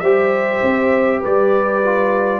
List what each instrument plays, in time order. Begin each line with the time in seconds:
0.00 tuba G3, trombone G4, horn C5, trumpet E5
0.62 tuba C4
1.20 tuba G3, horn B4, trumpet D5
1.84 trombone F4